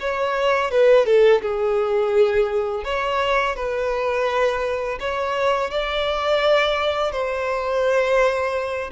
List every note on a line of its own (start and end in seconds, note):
0.00 0.71 C#5
0.71 1.06 B4
1.06 1.42 A4
1.42 2.84 G#4
2.84 3.56 C#5
3.56 4.99 B4
5.00 5.71 C#5
5.71 7.12 D5
7.12 8.91 C5